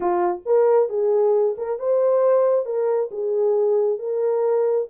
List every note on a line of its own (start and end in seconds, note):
0.00 0.42 F4
0.45 0.89 A#4
0.89 1.55 G#4
1.57 1.79 A#4
1.79 2.65 C5
2.65 3.09 A#4
3.11 3.98 G#4
3.98 4.87 A#4